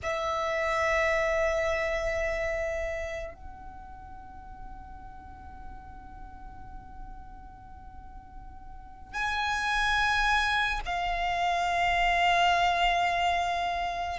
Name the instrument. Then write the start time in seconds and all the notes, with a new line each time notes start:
violin
0.02 E5
3.33 F#5
9.13 G#5
10.85 F5